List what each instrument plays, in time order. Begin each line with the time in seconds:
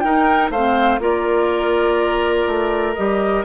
0.00 clarinet D#4, bassoon D#4, oboe A#4, flute G5
0.50 bassoon A3, clarinet C4, oboe C5, flute F5
0.99 bassoon A#3, clarinet F4, oboe A#4, flute D5
2.47 bassoon A3
2.94 bassoon G3, clarinet G4, flute D#5